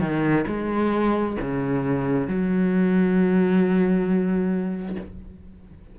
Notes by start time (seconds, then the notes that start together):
0.00 D#3
0.47 G#3
1.41 C#3
2.27 F#3